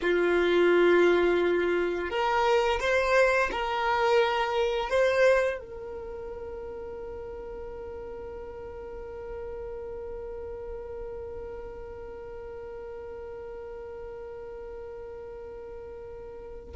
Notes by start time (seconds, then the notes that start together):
0.01 F4
2.09 A#4
2.80 C5
3.51 A#4
4.89 C5
5.59 A#4